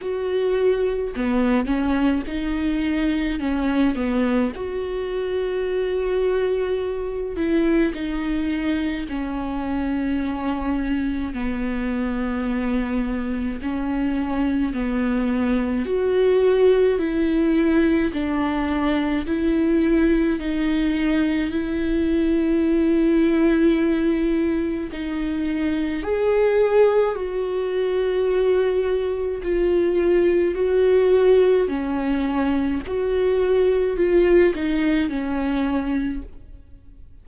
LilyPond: \new Staff \with { instrumentName = "viola" } { \time 4/4 \tempo 4 = 53 fis'4 b8 cis'8 dis'4 cis'8 b8 | fis'2~ fis'8 e'8 dis'4 | cis'2 b2 | cis'4 b4 fis'4 e'4 |
d'4 e'4 dis'4 e'4~ | e'2 dis'4 gis'4 | fis'2 f'4 fis'4 | cis'4 fis'4 f'8 dis'8 cis'4 | }